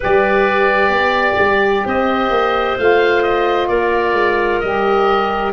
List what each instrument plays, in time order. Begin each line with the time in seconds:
0.00 tuba G3, saxophone G4, clarinet B4, oboe D5
0.88 tuba B3, clarinet D5
1.38 tuba G3
1.85 tuba C4, clarinet C5, oboe D#5
2.29 tuba A#3
2.78 tuba A3, saxophone F4, oboe F5
3.22 oboe D#5
3.67 tuba A#3, clarinet A#4, oboe D5
4.13 tuba G#3
4.60 tuba G3, saxophone G4, oboe D#5